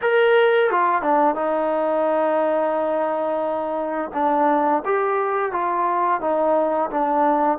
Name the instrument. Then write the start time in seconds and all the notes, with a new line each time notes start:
trombone
0.01 A#4
0.70 F4
1.02 D4
1.35 D#4
4.13 D4
4.85 G4
5.52 F4
6.21 D#4
6.90 D4